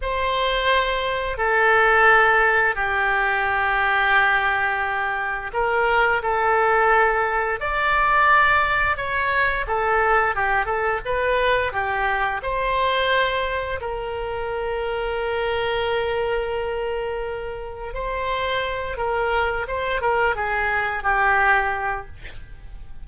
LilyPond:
\new Staff \with { instrumentName = "oboe" } { \time 4/4 \tempo 4 = 87 c''2 a'2 | g'1 | ais'4 a'2 d''4~ | d''4 cis''4 a'4 g'8 a'8 |
b'4 g'4 c''2 | ais'1~ | ais'2 c''4. ais'8~ | ais'8 c''8 ais'8 gis'4 g'4. | }